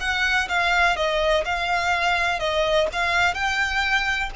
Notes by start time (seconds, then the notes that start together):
0.00 F#5
0.48 F5
0.96 D#5
1.45 F5
2.39 D#5
2.92 F5
3.34 G5